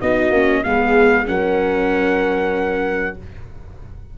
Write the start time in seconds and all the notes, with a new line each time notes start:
0.00 B3 D#4 F#4 D#5
0.30 A#3 C#4
0.63 G#3 B3 G#4 F5
1.25 F#3 C#4 A#4 F#5